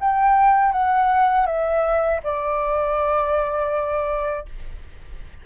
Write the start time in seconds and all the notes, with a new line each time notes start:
0.00 G5
0.72 F#5
1.46 E5
2.24 D5